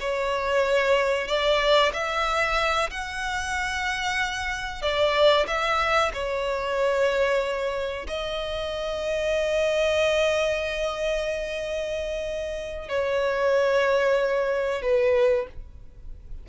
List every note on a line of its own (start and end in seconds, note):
0.00 1.28 C#5
1.28 1.92 D5
1.93 2.90 E5
2.91 4.82 F#5
4.82 5.47 D5
5.47 6.12 E5
6.13 8.07 C#5
8.07 12.89 D#5
12.89 14.82 C#5
14.82 15.47 B4